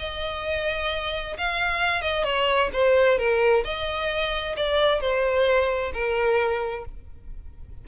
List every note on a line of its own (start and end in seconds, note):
0.00 1.37 D#5
1.38 2.02 F5
2.02 2.24 D#5
2.24 2.70 C#5
2.74 3.19 C5
3.19 3.64 A#4
3.65 4.56 D#5
4.57 5.01 D5
5.01 5.93 C5
5.94 6.86 A#4